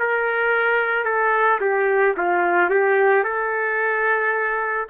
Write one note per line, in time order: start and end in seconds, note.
0.00 1.05 A#4
1.05 1.60 A4
1.61 2.16 G4
2.18 2.70 F4
2.70 3.24 G4
3.24 4.88 A4